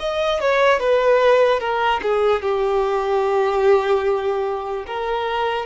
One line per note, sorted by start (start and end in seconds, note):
0.00 0.41 D#5
0.41 0.80 C#5
0.80 1.60 B4
1.60 2.00 A#4
2.03 2.43 G#4
2.43 4.86 G4
4.87 5.66 A#4